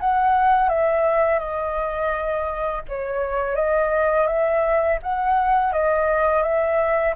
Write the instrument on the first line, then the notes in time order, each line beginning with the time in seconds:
flute
0.00 F#5
0.69 E5
1.39 D#5
2.88 C#5
3.55 D#5
4.27 E5
5.02 F#5
5.72 D#5
6.42 E5